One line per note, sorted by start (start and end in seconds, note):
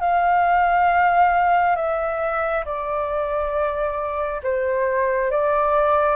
0.00 1.76 F5
1.76 2.64 E5
2.65 4.41 D5
4.43 5.31 C5
5.31 6.16 D5